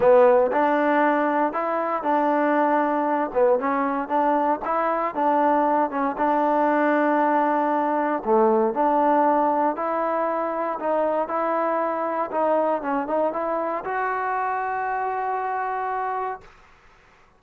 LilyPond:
\new Staff \with { instrumentName = "trombone" } { \time 4/4 \tempo 4 = 117 b4 d'2 e'4 | d'2~ d'8 b8 cis'4 | d'4 e'4 d'4. cis'8 | d'1 |
a4 d'2 e'4~ | e'4 dis'4 e'2 | dis'4 cis'8 dis'8 e'4 fis'4~ | fis'1 | }